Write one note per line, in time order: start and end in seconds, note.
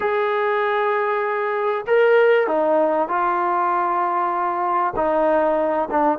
0.00 1.85 G#4
1.87 2.47 A#4
2.47 3.08 D#4
3.08 4.94 F4
4.96 5.88 D#4
5.90 6.18 D4